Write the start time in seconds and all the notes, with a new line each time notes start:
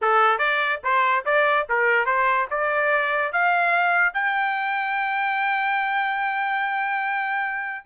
0.01 A4
0.38 D5
0.83 C5
1.25 D5
1.69 A#4
2.05 C5
2.50 D5
3.32 F5
4.13 G5